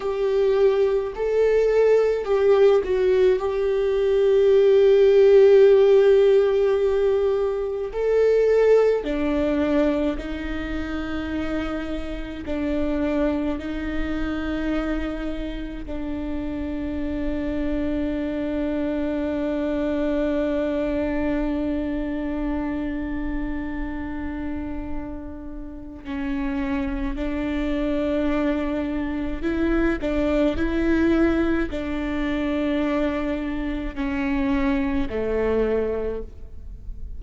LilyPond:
\new Staff \with { instrumentName = "viola" } { \time 4/4 \tempo 4 = 53 g'4 a'4 g'8 fis'8 g'4~ | g'2. a'4 | d'4 dis'2 d'4 | dis'2 d'2~ |
d'1~ | d'2. cis'4 | d'2 e'8 d'8 e'4 | d'2 cis'4 a4 | }